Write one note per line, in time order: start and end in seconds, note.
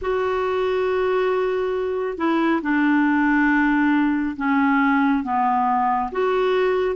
0.01 2.17 F#4
2.17 2.61 E4
2.62 4.36 D4
4.36 5.23 C#4
5.23 6.10 B3
6.11 6.95 F#4